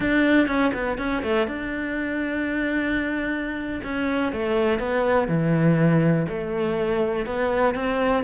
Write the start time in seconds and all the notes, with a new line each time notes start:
0.00 D4
0.47 C#4
0.73 B3
0.98 C#4
1.23 A3
1.47 D4
3.83 C#4
4.32 A3
4.79 B3
5.28 E3
6.27 A3
7.26 B3
7.74 C4